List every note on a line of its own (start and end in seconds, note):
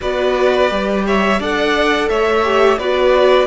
0.00 0.70 B3
0.00 0.70 F#4
0.00 1.05 B4
0.00 1.06 D5
0.70 1.39 G3
0.70 1.40 G4
1.06 1.39 C#5
1.06 1.41 E5
1.39 2.09 D4
1.39 2.43 A4
1.39 2.09 D5
1.39 2.08 F#5
2.08 2.77 A3
2.08 2.78 C#5
2.08 2.78 E5
2.43 2.78 G4
2.77 3.47 B3
2.77 3.47 F#4
2.77 3.47 B4
2.77 3.47 D5